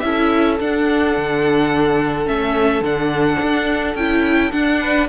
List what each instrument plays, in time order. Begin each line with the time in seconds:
0.00 cello C#4, viola E4, violin A4 E5
0.60 viola D4, cello D4, violin F#5
1.16 cello D3
2.26 cello A3, viola C#4, violin E5
2.81 cello D3, viola D4, violin F#5
3.42 cello D4
3.95 cello C#4, viola E4, violin G5
4.52 viola D4, cello D4, violin F#5
4.81 violin B4